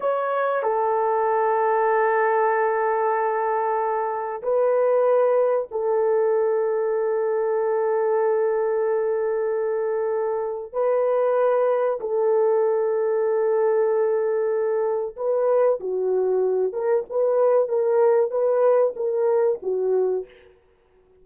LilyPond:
\new Staff \with { instrumentName = "horn" } { \time 4/4 \tempo 4 = 95 cis''4 a'2.~ | a'2. b'4~ | b'4 a'2.~ | a'1~ |
a'4 b'2 a'4~ | a'1 | b'4 fis'4. ais'8 b'4 | ais'4 b'4 ais'4 fis'4 | }